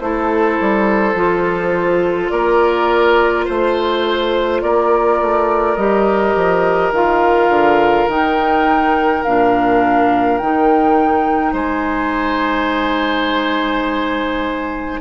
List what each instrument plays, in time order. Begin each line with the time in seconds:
0.00 bassoon A3, clarinet E4, oboe A4, flute C5
0.61 bassoon G3
1.15 bassoon F3, clarinet F4
2.30 bassoon A#3, oboe A#4, flute D5
3.46 bassoon A3, oboe C5, flute C5
4.62 bassoon A#3, oboe A#4, flute D5
5.22 bassoon A3
5.77 bassoon G3, clarinet G4, flute D#5
6.36 bassoon F3
6.92 bassoon D#3, clarinet F4, flute F5
7.49 bassoon D3
8.08 bassoon D#3, clarinet D#4, flute G5
9.24 bassoon A#2, clarinet D4, flute F5
10.39 bassoon D#3, clarinet D#4, flute G5
11.53 bassoon G#3, oboe C5, flute G#5